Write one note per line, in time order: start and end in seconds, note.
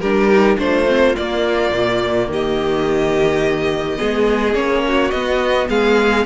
0.00 0.57 G3
0.00 0.31 D4
0.00 0.57 G4
0.00 0.57 A#4
0.31 0.58 D#4
0.58 1.15 A3
0.58 0.86 D4
0.58 2.31 F4
0.58 1.16 C5
0.87 1.16 C4
1.16 3.98 A#3
1.16 1.72 A#3
1.16 2.29 D5
1.72 2.28 A#2
2.28 3.98 D#3
2.28 3.98 G4
2.28 4.55 D#5
3.98 4.55 G#3
3.98 4.54 B3
3.98 4.83 G#4
4.54 5.11 A#3
4.54 5.11 C#4
4.54 5.10 C#5
4.87 5.69 F#4
5.10 5.68 B3
5.10 6.25 B3
5.10 5.67 D#5
5.69 6.25 G#3
5.69 6.25 G#4
5.69 6.25 F5